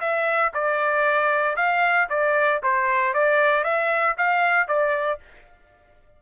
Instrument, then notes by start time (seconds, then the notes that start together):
trumpet
0.00 E5
0.53 D5
1.56 F5
2.09 D5
2.63 C5
3.13 D5
3.63 E5
4.17 F5
4.67 D5